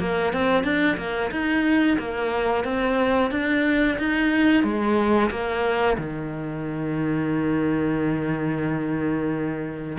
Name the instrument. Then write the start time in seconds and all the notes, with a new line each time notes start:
cello
0.00 A#3
0.33 C4
0.64 D4
0.97 A#3
1.31 D#4
1.99 A#3
2.65 C4
3.31 D4
3.99 D#4
4.64 G#3
5.31 A#3
5.98 D#3